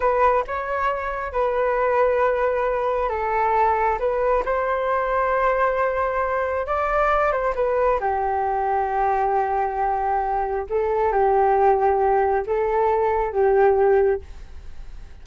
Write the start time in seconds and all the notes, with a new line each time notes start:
0.00 B4
0.47 C#5
1.32 B4
3.09 A4
3.99 B4
4.45 C5
6.66 D5
7.32 C5
7.55 B4
7.99 G4
10.69 A4
11.12 G4
12.46 A4
13.32 G4